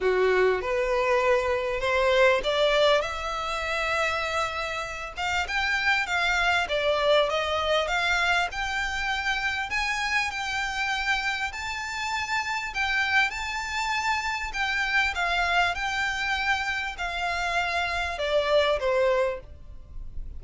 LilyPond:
\new Staff \with { instrumentName = "violin" } { \time 4/4 \tempo 4 = 99 fis'4 b'2 c''4 | d''4 e''2.~ | e''8 f''8 g''4 f''4 d''4 | dis''4 f''4 g''2 |
gis''4 g''2 a''4~ | a''4 g''4 a''2 | g''4 f''4 g''2 | f''2 d''4 c''4 | }